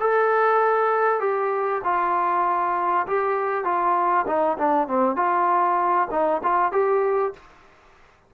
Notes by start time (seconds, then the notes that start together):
0.00 A4
1.20 G4
1.84 F4
3.07 G4
3.65 F4
4.27 D#4
4.58 D4
4.88 C4
5.16 F4
6.11 D#4
6.43 F4
6.72 G4